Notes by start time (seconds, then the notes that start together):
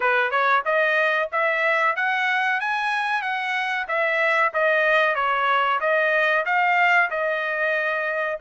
0.00 B4
0.30 C#5
0.65 D#5
1.32 E5
1.95 F#5
2.60 G#5
3.22 F#5
3.88 E5
4.53 D#5
5.15 C#5
5.80 D#5
6.45 F5
7.10 D#5